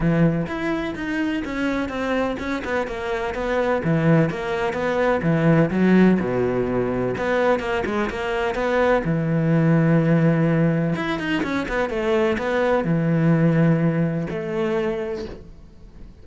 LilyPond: \new Staff \with { instrumentName = "cello" } { \time 4/4 \tempo 4 = 126 e4 e'4 dis'4 cis'4 | c'4 cis'8 b8 ais4 b4 | e4 ais4 b4 e4 | fis4 b,2 b4 |
ais8 gis8 ais4 b4 e4~ | e2. e'8 dis'8 | cis'8 b8 a4 b4 e4~ | e2 a2 | }